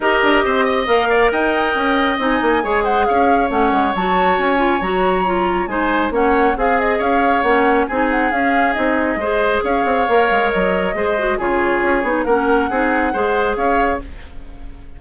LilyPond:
<<
  \new Staff \with { instrumentName = "flute" } { \time 4/4 \tempo 4 = 137 dis''2 f''4 g''4~ | g''4 gis''4. fis''8 f''4 | fis''4 a''4 gis''4 ais''4~ | ais''4 gis''4 fis''4 f''8 dis''8 |
f''4 fis''4 gis''8 fis''8 f''4 | dis''2 f''2 | dis''2 cis''2 | fis''2. f''4 | }
  \new Staff \with { instrumentName = "oboe" } { \time 4/4 ais'4 c''8 dis''4 d''8 dis''4~ | dis''2 cis''8 c''8 cis''4~ | cis''1~ | cis''4 c''4 cis''4 gis'4 |
cis''2 gis'2~ | gis'4 c''4 cis''2~ | cis''4 c''4 gis'2 | ais'4 gis'4 c''4 cis''4 | }
  \new Staff \with { instrumentName = "clarinet" } { \time 4/4 g'2 ais'2~ | ais'4 dis'4 gis'2 | cis'4 fis'4. f'8 fis'4 | f'4 dis'4 cis'4 gis'4~ |
gis'4 cis'4 dis'4 cis'4 | dis'4 gis'2 ais'4~ | ais'4 gis'8 fis'8 f'4. dis'8 | cis'4 dis'4 gis'2 | }
  \new Staff \with { instrumentName = "bassoon" } { \time 4/4 dis'8 d'8 c'4 ais4 dis'4 | cis'4 c'8 ais8 gis4 cis'4 | a8 gis8 fis4 cis'4 fis4~ | fis4 gis4 ais4 c'4 |
cis'4 ais4 c'4 cis'4 | c'4 gis4 cis'8 c'8 ais8 gis8 | fis4 gis4 cis4 cis'8 b8 | ais4 c'4 gis4 cis'4 | }
>>